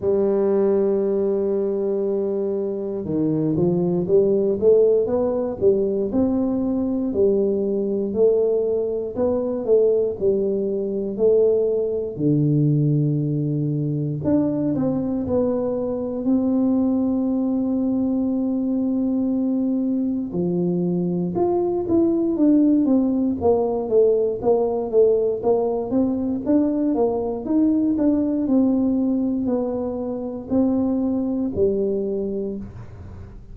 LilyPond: \new Staff \with { instrumentName = "tuba" } { \time 4/4 \tempo 4 = 59 g2. dis8 f8 | g8 a8 b8 g8 c'4 g4 | a4 b8 a8 g4 a4 | d2 d'8 c'8 b4 |
c'1 | f4 f'8 e'8 d'8 c'8 ais8 a8 | ais8 a8 ais8 c'8 d'8 ais8 dis'8 d'8 | c'4 b4 c'4 g4 | }